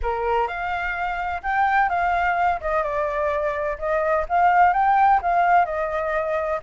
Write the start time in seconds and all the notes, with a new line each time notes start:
0.02 A#4
0.47 F5
1.42 G5
1.89 F5
2.60 D#5
2.83 D5
3.78 D#5
4.28 F5
4.73 G5
5.22 F5
5.65 D#5